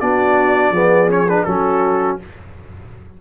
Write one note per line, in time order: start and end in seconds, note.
0.00 0.70 B3
0.00 0.74 D4
0.00 0.72 F#4
0.00 1.10 D5
0.70 1.43 F3
0.70 1.08 B3
0.70 1.46 G#4
1.08 1.26 C#4
1.08 1.29 C#5
1.29 1.47 D4
1.29 1.44 B4
1.44 2.19 F#3
1.44 2.20 C#4
1.44 2.21 F#4
1.44 2.17 A4